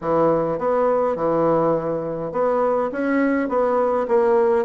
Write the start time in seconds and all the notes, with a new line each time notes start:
0.01 E3
0.58 B3
1.16 E3
2.32 B3
2.92 C#4
3.48 B3
4.08 A#3